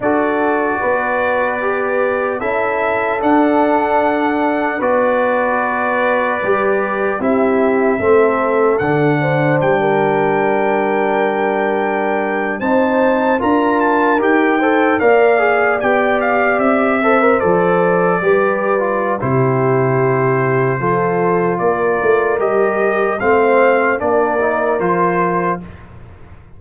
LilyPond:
<<
  \new Staff \with { instrumentName = "trumpet" } { \time 4/4 \tempo 4 = 75 d''2. e''4 | fis''2 d''2~ | d''4 e''2 fis''4 | g''2.~ g''8. a''16~ |
a''8. ais''8 a''8 g''4 f''4 g''16~ | g''16 f''8 e''4 d''2~ d''16 | c''2. d''4 | dis''4 f''4 d''4 c''4 | }
  \new Staff \with { instrumentName = "horn" } { \time 4/4 a'4 b'2 a'4~ | a'2 b'2~ | b'4 g'4 a'4. c''8~ | c''16 ais'2.~ ais'8 c''16~ |
c''8. ais'4. c''8 d''4~ d''16~ | d''4~ d''16 c''4. b'4~ b'16 | g'2 a'4 ais'4~ | ais'4 c''4 ais'2 | }
  \new Staff \with { instrumentName = "trombone" } { \time 4/4 fis'2 g'4 e'4 | d'2 fis'2 | g'4 e'4 c'4 d'4~ | d'2.~ d'8. dis'16~ |
dis'8. f'4 g'8 a'8 ais'8 gis'8 g'16~ | g'4~ g'16 a'16 ais'16 a'4 g'8. f'8 | e'2 f'2 | g'4 c'4 d'8 dis'8 f'4 | }
  \new Staff \with { instrumentName = "tuba" } { \time 4/4 d'4 b2 cis'4 | d'2 b2 | g4 c'4 a4 d4 | g2.~ g8. c'16~ |
c'8. d'4 dis'4 ais4 b16~ | b8. c'4 f4 g4~ g16 | c2 f4 ais8 a8 | g4 a4 ais4 f4 | }
>>